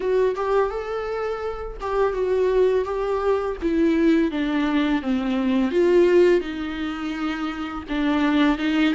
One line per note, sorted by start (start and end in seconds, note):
0.00 0.35 F#4
0.35 0.70 G4
0.70 1.77 A4
1.81 2.13 G4
2.13 2.84 F#4
2.84 3.56 G4
3.62 4.31 E4
4.31 5.02 D4
5.02 5.71 C4
5.71 6.40 F4
6.40 7.83 D#4
7.88 8.58 D4
8.58 8.94 D#4